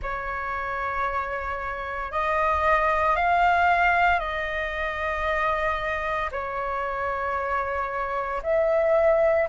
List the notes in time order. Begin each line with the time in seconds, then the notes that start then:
0.02 C#5
2.11 D#5
3.16 F5
4.19 D#5
6.31 C#5
8.43 E5